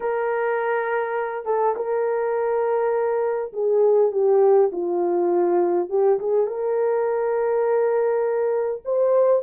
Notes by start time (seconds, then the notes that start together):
0.00 A#4
1.45 A4
1.75 A#4
3.52 G#4
4.11 G4
4.72 F4
5.89 G4
6.19 G#4
6.46 A#4
8.84 C5